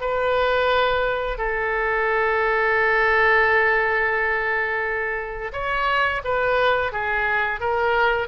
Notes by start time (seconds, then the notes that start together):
0.00 B4
1.38 A4
5.52 C#5
6.24 B4
6.92 G#4
7.60 A#4